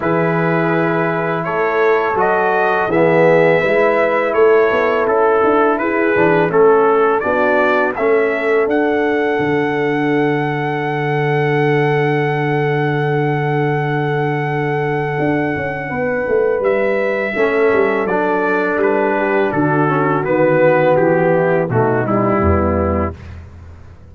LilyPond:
<<
  \new Staff \with { instrumentName = "trumpet" } { \time 4/4 \tempo 4 = 83 b'2 cis''4 dis''4 | e''2 cis''4 a'4 | b'4 a'4 d''4 e''4 | fis''1~ |
fis''1~ | fis''2. e''4~ | e''4 d''4 b'4 a'4 | b'4 g'4 fis'8 e'4. | }
  \new Staff \with { instrumentName = "horn" } { \time 4/4 gis'2 a'2 | gis'4 b'4 a'2 | gis'4 a'4 fis'4 a'4~ | a'1~ |
a'1~ | a'2 b'2 | a'2~ a'8 g'8 fis'4~ | fis'4. e'8 dis'4 b4 | }
  \new Staff \with { instrumentName = "trombone" } { \time 4/4 e'2. fis'4 | b4 e'2.~ | e'8 d'8 cis'4 d'4 cis'4 | d'1~ |
d'1~ | d'1 | cis'4 d'2~ d'8 cis'8 | b2 a8 g4. | }
  \new Staff \with { instrumentName = "tuba" } { \time 4/4 e2 a4 fis4 | e4 gis4 a8 b8 cis'8 d'8 | e'8 e8 a4 b4 a4 | d'4 d2.~ |
d1~ | d4 d'8 cis'8 b8 a8 g4 | a8 g8 fis4 g4 d4 | dis4 e4 b,4 e,4 | }
>>